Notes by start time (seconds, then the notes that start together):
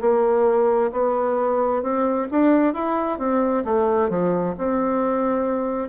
0.00 A#3
0.91 B3
1.82 C4
2.31 D4
2.73 E4
3.18 C4
3.64 A3
4.09 F3
4.57 C4